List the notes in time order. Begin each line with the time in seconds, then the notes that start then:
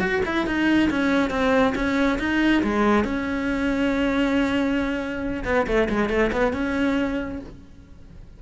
0.00 F#4
0.25 E4
0.46 D#4
0.90 C#4
1.30 C4
1.75 C#4
2.19 D#4
2.63 G#3
3.04 C#4
5.45 B3
5.67 A3
5.90 G#3
6.09 A3
6.32 B3
6.53 C#4